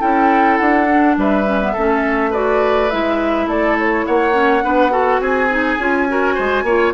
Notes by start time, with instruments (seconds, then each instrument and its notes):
0.00 bassoon C#4, clarinet E4, oboe A4, flute G5
0.57 bassoon D4, flute F#5
0.88 clarinet D4
1.17 bassoon G3, oboe B4, flute E5
1.46 clarinet C#4
1.61 clarinet B3
1.73 bassoon A3, clarinet C#4, oboe A4
2.31 clarinet F#4, oboe B4, flute D5
2.90 bassoon G#3, clarinet E4, flute E5
3.47 bassoon A3, oboe A4, flute D5
3.78 flute C#5
4.07 bassoon A#3, oboe C#5, flute F#5
4.33 clarinet C#4
4.63 bassoon B3, clarinet D4, oboe B4
4.90 clarinet F#4, oboe A4
5.20 bassoon C4, oboe G#4, flute G#5
5.50 clarinet D#4
5.78 bassoon C#4, clarinet F4
6.09 clarinet F#4, oboe A#4
6.35 bassoon G#3, oboe C5
6.63 bassoon A#3, clarinet F4, oboe C#5